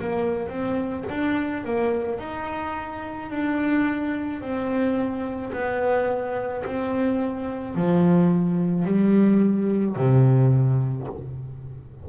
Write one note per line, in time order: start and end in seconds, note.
0.00 0.49 A#3
0.49 1.05 C4
1.09 1.64 D4
1.64 2.19 A#3
2.19 3.30 D#4
3.30 4.41 D4
4.41 5.53 C4
5.53 6.64 B3
6.66 7.75 C4
7.75 8.85 F3
8.85 9.96 G3
9.96 11.07 C3